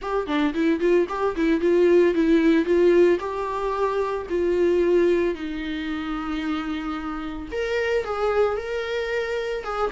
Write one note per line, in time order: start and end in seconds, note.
0.01 0.26 G4
0.26 0.53 D4
0.54 0.80 E4
0.80 1.06 F4
1.08 1.35 G4
1.36 1.60 E4
1.60 2.14 F4
2.14 2.65 E4
2.65 3.18 F4
3.19 4.26 G4
4.29 5.34 F4
5.34 7.49 D#4
7.51 8.04 A#4
8.04 8.56 G#4
8.56 9.64 A#4
9.64 9.91 G#4